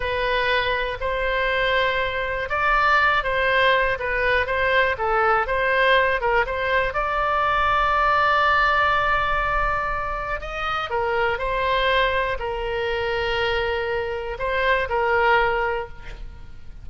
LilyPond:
\new Staff \with { instrumentName = "oboe" } { \time 4/4 \tempo 4 = 121 b'2 c''2~ | c''4 d''4. c''4. | b'4 c''4 a'4 c''4~ | c''8 ais'8 c''4 d''2~ |
d''1~ | d''4 dis''4 ais'4 c''4~ | c''4 ais'2.~ | ais'4 c''4 ais'2 | }